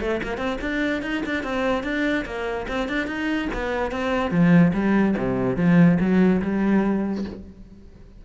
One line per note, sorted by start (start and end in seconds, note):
0.00 0.21 A3
0.23 0.37 A#3
0.37 0.58 C4
0.61 1.02 D4
1.02 1.22 D#4
1.26 1.43 D4
1.43 1.83 C4
1.83 2.25 D4
2.25 2.66 A#3
2.68 2.89 C4
2.89 3.07 D4
3.07 3.48 D#4
3.53 3.91 B3
3.91 4.31 C4
4.31 4.72 F3
4.73 5.15 G3
5.17 5.56 C3
5.56 5.98 F3
6.00 6.41 F#3
6.42 7.24 G3